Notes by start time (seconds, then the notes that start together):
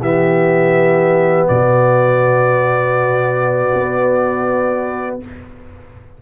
0.00 E3 B3 G4 E5
1.48 B2 F#4 D5
3.73 B3